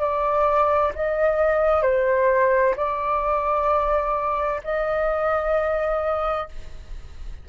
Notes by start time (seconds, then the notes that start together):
0.00 D5
0.95 D#5
1.83 C5
2.77 D5
4.64 D#5